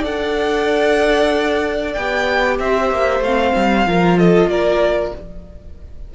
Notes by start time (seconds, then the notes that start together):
0.00 D4 A4 D5 F#5
1.93 B3 G4 G5
2.60 C4 C5 E5
2.91 A#3
3.20 A3 C4 F5
3.55 G3
3.86 F3 F4 A#4
4.18 A4 D#5
4.48 A#3 A#4 D5